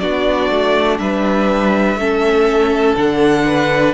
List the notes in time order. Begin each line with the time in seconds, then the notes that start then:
0.00 B3 D4 F#4 D5
0.50 A3
0.99 G3 B4 E5
1.96 A3 C#4 A4
2.97 D3 D4 F#5
3.46 B4